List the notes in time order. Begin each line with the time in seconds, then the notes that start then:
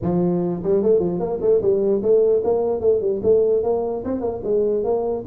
0.02 F3
0.63 G3
0.82 A3
0.99 F3
1.19 A#3
1.41 A3
1.61 G3
2.02 A3
2.44 A#3
2.80 A3
3.00 G3
3.23 A3
3.63 A#3
4.04 C4
4.21 A#3
4.43 G#3
4.83 A#3